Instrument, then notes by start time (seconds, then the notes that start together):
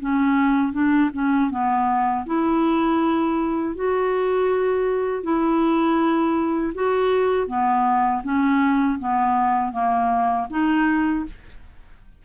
clarinet
0.00 C#4
0.73 D4
1.14 C#4
1.50 B3
2.26 E4
3.75 F#4
5.23 E4
6.74 F#4
7.47 B3
8.24 C#4
8.99 B3
9.72 A#3
10.50 D#4